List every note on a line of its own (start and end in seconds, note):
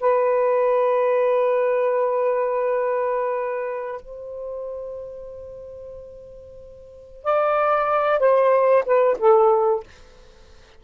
0.00 4.01 B4
4.01 7.24 C5
7.24 8.19 D5
8.19 8.84 C5
8.85 9.17 B4
9.19 9.83 A4